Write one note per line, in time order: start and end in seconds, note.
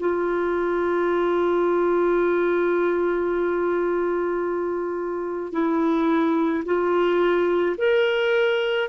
0.00 5.53 F4
5.53 6.64 E4
6.66 7.77 F4
7.78 8.89 A#4